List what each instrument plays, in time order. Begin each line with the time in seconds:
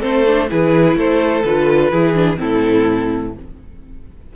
0.00 cello A3, viola C4, violin A4 C5
0.27 viola D4
0.49 cello E3, viola E4, violin G#4 B4
0.96 cello A3, violin A4 C5
1.44 cello D3, viola F4, violin B4
1.92 cello E3, viola E4, violin G#4
2.15 viola D4
2.36 cello A2, viola C4, violin E4 A4